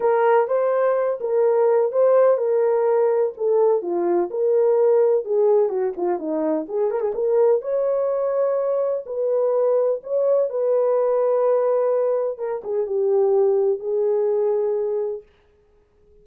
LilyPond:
\new Staff \with { instrumentName = "horn" } { \time 4/4 \tempo 4 = 126 ais'4 c''4. ais'4. | c''4 ais'2 a'4 | f'4 ais'2 gis'4 | fis'8 f'8 dis'4 gis'8 ais'16 gis'16 ais'4 |
cis''2. b'4~ | b'4 cis''4 b'2~ | b'2 ais'8 gis'8 g'4~ | g'4 gis'2. | }